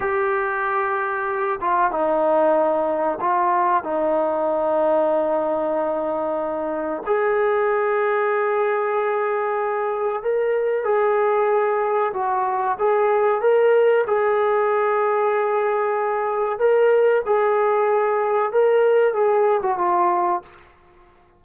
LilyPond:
\new Staff \with { instrumentName = "trombone" } { \time 4/4 \tempo 4 = 94 g'2~ g'8 f'8 dis'4~ | dis'4 f'4 dis'2~ | dis'2. gis'4~ | gis'1 |
ais'4 gis'2 fis'4 | gis'4 ais'4 gis'2~ | gis'2 ais'4 gis'4~ | gis'4 ais'4 gis'8. fis'16 f'4 | }